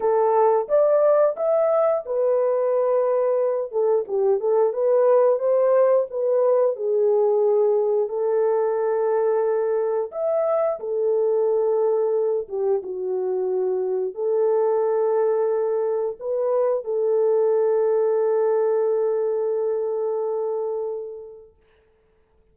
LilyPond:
\new Staff \with { instrumentName = "horn" } { \time 4/4 \tempo 4 = 89 a'4 d''4 e''4 b'4~ | b'4. a'8 g'8 a'8 b'4 | c''4 b'4 gis'2 | a'2. e''4 |
a'2~ a'8 g'8 fis'4~ | fis'4 a'2. | b'4 a'2.~ | a'1 | }